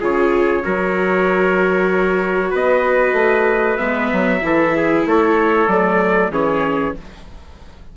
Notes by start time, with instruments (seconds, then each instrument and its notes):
0.00 bassoon C#3, viola F4, trumpet G#4 C#5
0.63 bassoon F#3, viola F#4, trumpet A#4
2.51 bassoon B3, trumpet B4 D#5
3.13 bassoon A3
3.77 bassoon G#3, viola B3, trumpet E5
4.13 bassoon F#3
4.42 bassoon E3, viola E4, trumpet A4
4.77 trumpet G#4
5.06 bassoon A3, trumpet A4 C#5
5.67 bassoon F#3, viola A3, trumpet D5
6.31 bassoon E3, viola C#4, trumpet G#4 C#5